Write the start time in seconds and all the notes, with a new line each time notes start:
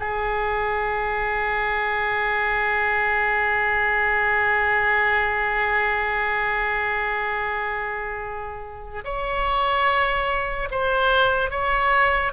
0.00 G#4
9.04 C#5
10.71 C5
11.51 C#5